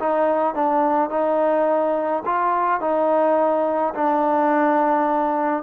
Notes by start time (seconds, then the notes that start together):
0.00 D#4
0.55 D4
1.10 D#4
2.26 F4
2.81 D#4
3.95 D4